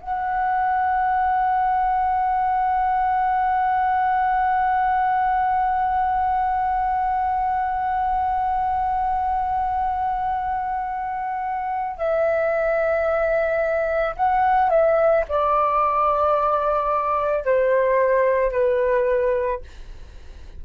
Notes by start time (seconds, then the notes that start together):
0.00 F#5
11.97 E5
14.16 F#5
14.69 E5
15.28 D5
17.44 C5
18.52 B4